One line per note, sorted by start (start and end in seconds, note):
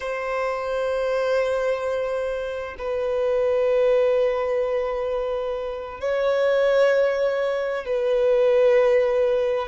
0.00 2.75 C5
2.78 6.00 B4
6.00 7.85 C#5
7.85 9.68 B4